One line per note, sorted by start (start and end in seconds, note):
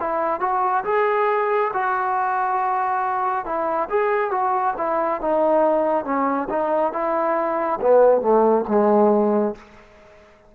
0.00 0.40 E4
0.40 0.84 F#4
0.85 1.72 G#4
1.74 3.45 F#4
3.45 3.89 E4
3.89 4.31 G#4
4.31 4.74 F#4
4.78 5.21 E4
5.21 6.05 D#4
6.05 6.48 C#4
6.49 6.92 D#4
6.92 7.79 E4
7.81 8.22 B3
8.22 8.65 A3
8.68 9.55 G#3